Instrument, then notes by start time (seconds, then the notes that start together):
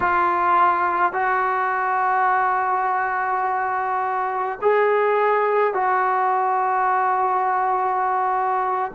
trombone
0.00 F4
1.12 F#4
4.61 G#4
5.74 F#4